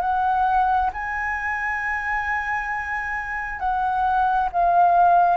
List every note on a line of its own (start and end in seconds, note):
0.00 0.90 F#5
0.92 3.59 G#5
3.59 4.49 F#5
4.52 5.36 F5